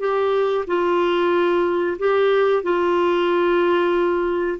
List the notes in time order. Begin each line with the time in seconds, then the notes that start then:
0.00 G4
0.67 F4
1.99 G4
2.63 F4